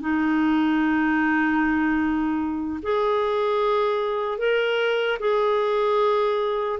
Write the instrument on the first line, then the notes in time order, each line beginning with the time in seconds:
clarinet
0.00 D#4
2.82 G#4
4.38 A#4
5.19 G#4